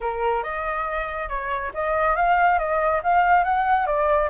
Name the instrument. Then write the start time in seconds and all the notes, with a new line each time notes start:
flute
0.00 A#4
0.43 D#5
1.28 C#5
1.74 D#5
2.15 F5
2.58 D#5
3.03 F5
3.43 F#5
3.86 D5